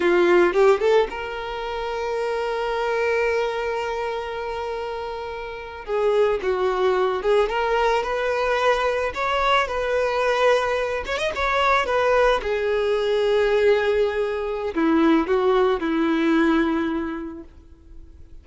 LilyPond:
\new Staff \with { instrumentName = "violin" } { \time 4/4 \tempo 4 = 110 f'4 g'8 a'8 ais'2~ | ais'1~ | ais'2~ ais'8. gis'4 fis'16~ | fis'4~ fis'16 gis'8 ais'4 b'4~ b'16~ |
b'8. cis''4 b'2~ b'16~ | b'16 cis''16 dis''16 cis''4 b'4 gis'4~ gis'16~ | gis'2. e'4 | fis'4 e'2. | }